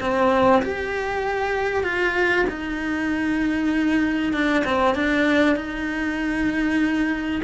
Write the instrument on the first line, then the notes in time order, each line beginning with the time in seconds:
cello
0.00 C4
0.62 G4
1.83 F4
2.49 D#4
4.33 D4
4.64 C4
4.95 D4
5.56 D#4